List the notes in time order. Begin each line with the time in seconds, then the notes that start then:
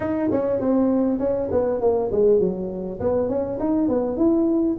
0.00 D#4
0.31 C#4
0.59 C4
1.19 C#4
1.51 B3
1.80 A#3
2.11 G#3
2.39 F#3
2.99 B3
3.28 C#4
3.59 D#4
3.88 B3
4.16 E4